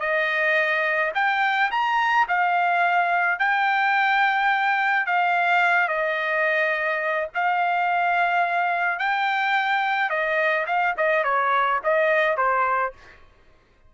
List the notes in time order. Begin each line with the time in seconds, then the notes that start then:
0.00 D#5
1.15 G5
1.71 A#5
2.28 F5
3.40 G5
5.07 F5
5.89 D#5
7.35 F5
8.99 G5
10.10 D#5
10.67 F5
10.98 D#5
11.24 C#5
11.84 D#5
12.37 C5